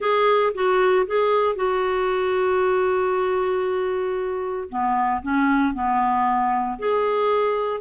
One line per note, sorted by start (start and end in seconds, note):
0.00 0.52 G#4
0.54 1.06 F#4
1.06 1.55 G#4
1.55 4.68 F#4
4.69 5.21 B3
5.22 5.74 C#4
5.74 6.78 B3
6.78 7.80 G#4